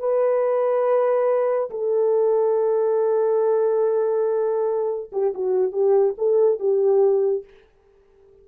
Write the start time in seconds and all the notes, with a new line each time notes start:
0.00 B4
1.71 A4
5.13 G4
5.35 F#4
5.73 G4
6.18 A4
6.60 G4